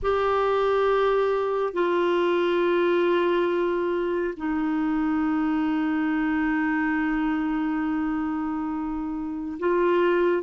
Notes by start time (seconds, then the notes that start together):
0.02 G4
1.73 F4
4.36 D#4
9.59 F4